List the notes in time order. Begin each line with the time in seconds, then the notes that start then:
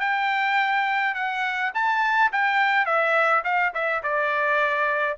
0.00 G5
1.14 F#5
1.74 A5
2.32 G5
2.85 E5
3.44 F5
3.74 E5
4.03 D5